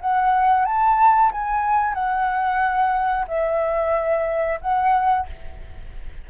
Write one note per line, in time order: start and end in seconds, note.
0.00 0.65 F#5
0.65 1.31 A5
1.31 1.94 G#5
1.94 3.25 F#5
3.28 4.59 E5
4.61 5.27 F#5